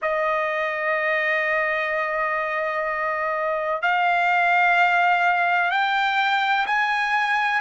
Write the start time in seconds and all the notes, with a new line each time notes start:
0.02 D#5
3.82 F5
5.71 G5
6.66 G#5